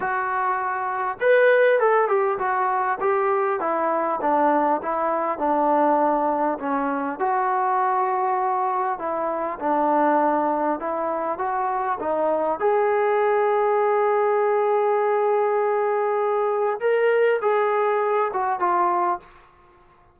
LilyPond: \new Staff \with { instrumentName = "trombone" } { \time 4/4 \tempo 4 = 100 fis'2 b'4 a'8 g'8 | fis'4 g'4 e'4 d'4 | e'4 d'2 cis'4 | fis'2. e'4 |
d'2 e'4 fis'4 | dis'4 gis'2.~ | gis'1 | ais'4 gis'4. fis'8 f'4 | }